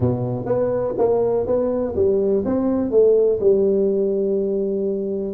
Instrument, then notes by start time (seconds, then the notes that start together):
tuba
0.00 B2
0.45 B3
0.98 A#3
1.46 B3
1.95 G3
2.45 C4
2.91 A3
3.40 G3